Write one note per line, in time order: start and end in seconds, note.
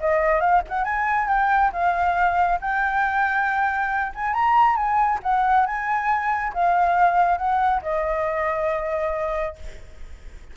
0.00 0.40 D#5
0.40 0.62 F5
0.69 0.84 F#5
0.84 1.28 G#5
1.28 1.72 G5
1.72 2.59 F5
2.61 4.13 G5
4.15 4.33 G#5
4.33 4.76 A#5
4.76 5.19 G#5
5.23 5.66 F#5
5.66 6.53 G#5
6.54 7.37 F5
7.37 7.81 F#5
7.82 9.56 D#5